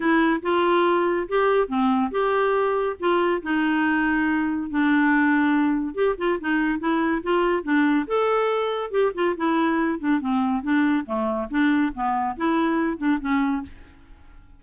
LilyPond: \new Staff \with { instrumentName = "clarinet" } { \time 4/4 \tempo 4 = 141 e'4 f'2 g'4 | c'4 g'2 f'4 | dis'2. d'4~ | d'2 g'8 f'8 dis'4 |
e'4 f'4 d'4 a'4~ | a'4 g'8 f'8 e'4. d'8 | c'4 d'4 a4 d'4 | b4 e'4. d'8 cis'4 | }